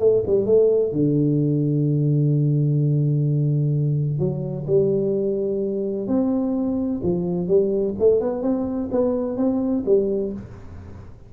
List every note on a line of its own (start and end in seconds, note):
0.00 0.23 A3
0.27 0.46 G3
0.46 0.93 A3
0.93 4.20 D3
4.20 4.66 F#3
4.67 6.08 G3
6.08 7.02 C4
7.04 7.48 F3
7.48 7.95 G3
7.99 8.21 A3
8.21 8.43 B3
8.43 8.90 C4
8.92 9.37 B3
9.37 9.84 C4
9.86 10.33 G3